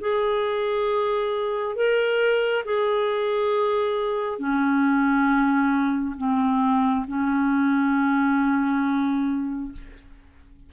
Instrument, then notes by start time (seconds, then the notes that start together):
clarinet
0.00 G#4
1.76 A#4
2.65 G#4
4.39 C#4
6.17 C4
7.08 C#4